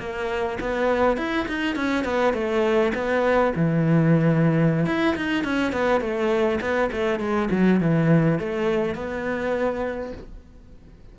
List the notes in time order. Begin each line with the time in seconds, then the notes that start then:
0.00 A#3
0.60 B3
1.18 E4
1.48 D#4
1.76 C#4
2.05 B3
2.34 A3
2.95 B3
3.56 E3
4.87 E4
5.17 D#4
5.45 C#4
5.73 B3
6.01 A3
6.61 B3
6.93 A3
7.20 G#3
7.51 F#3
7.81 E3
8.40 A3
8.95 B3